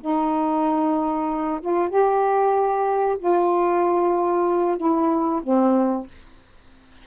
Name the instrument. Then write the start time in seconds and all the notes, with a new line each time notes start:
saxophone
0.00 D#4
1.60 F4
1.89 G4
3.18 F4
4.77 E4
5.43 C4